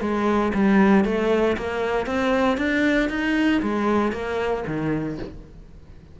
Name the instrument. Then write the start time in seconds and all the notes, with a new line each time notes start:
cello
0.00 G#3
0.54 G3
1.04 A3
1.57 A#3
2.06 C4
2.57 D4
3.09 D#4
3.62 G#3
4.12 A#3
4.67 D#3